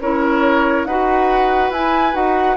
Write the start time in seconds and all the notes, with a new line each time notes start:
0.00 C#4 E4 A#4 C#5
0.85 D#4 F#4 B4 F#5
1.70 E4 G#5
2.13 D#4 F#4 F#5